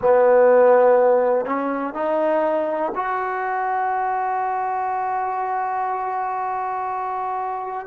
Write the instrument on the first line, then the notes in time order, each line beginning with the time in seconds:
trombone
0.01 B3
1.45 C#4
1.94 D#4
2.95 F#4